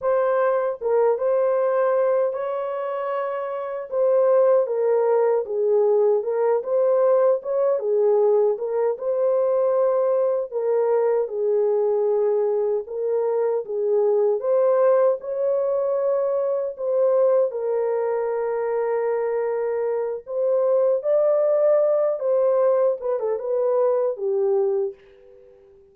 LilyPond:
\new Staff \with { instrumentName = "horn" } { \time 4/4 \tempo 4 = 77 c''4 ais'8 c''4. cis''4~ | cis''4 c''4 ais'4 gis'4 | ais'8 c''4 cis''8 gis'4 ais'8 c''8~ | c''4. ais'4 gis'4.~ |
gis'8 ais'4 gis'4 c''4 cis''8~ | cis''4. c''4 ais'4.~ | ais'2 c''4 d''4~ | d''8 c''4 b'16 a'16 b'4 g'4 | }